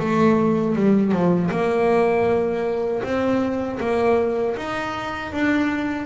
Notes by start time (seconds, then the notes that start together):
0.00 A3
0.76 G3
1.12 F3
1.51 A#3
3.03 C4
3.80 A#3
4.56 D#4
5.33 D4